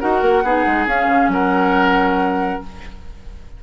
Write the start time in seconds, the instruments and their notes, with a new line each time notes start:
0.00 bassoon D#4, clarinet F#4, oboe A#4, flute F#5
0.22 bassoon A#3
0.43 bassoon B3, clarinet D#4, oboe G#4
0.66 bassoon G#3
0.87 bassoon C#4, clarinet C#4, flute F5
1.07 bassoon C#3
1.28 bassoon F#3, oboe A#4, flute F#5